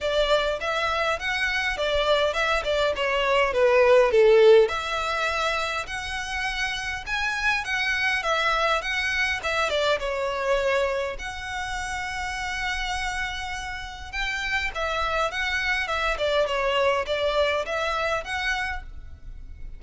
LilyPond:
\new Staff \with { instrumentName = "violin" } { \time 4/4 \tempo 4 = 102 d''4 e''4 fis''4 d''4 | e''8 d''8 cis''4 b'4 a'4 | e''2 fis''2 | gis''4 fis''4 e''4 fis''4 |
e''8 d''8 cis''2 fis''4~ | fis''1 | g''4 e''4 fis''4 e''8 d''8 | cis''4 d''4 e''4 fis''4 | }